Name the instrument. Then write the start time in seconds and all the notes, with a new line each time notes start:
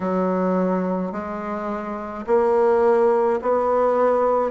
bassoon
0.00 F#3
1.12 G#3
2.26 A#3
3.42 B3